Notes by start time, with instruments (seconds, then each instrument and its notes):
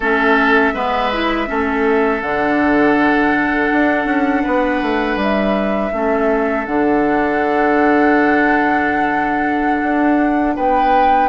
0.00 bassoon A3, clarinet C#4, oboe A4, flute E5
0.74 bassoon G#3, clarinet B3, oboe B4
1.12 clarinet E4
1.46 bassoon A3, clarinet C#4, oboe A4
2.22 bassoon D3, clarinet D4, flute F#5
3.72 bassoon D4
4.05 bassoon C#4
4.43 bassoon B3, oboe B4
4.82 bassoon A3
5.15 bassoon G3
5.22 flute E5
5.92 bassoon A3, clarinet C#4, oboe A4
6.65 bassoon D3, clarinet D4, flute F#5
9.82 bassoon D4
10.55 bassoon B3, oboe B4, flute G5